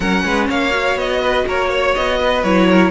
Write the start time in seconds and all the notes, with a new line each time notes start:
0.00 F#3 C#4 A#4 F#5
0.24 G#3 B4
0.49 A#3 C#5 F5
0.71 F#4
0.95 B3 D#5
1.21 B4
1.46 A#3 A#4 C#5
1.69 C#5
1.94 B3 D#5
2.19 B4
2.43 F#3 E4 C#5
2.69 A#4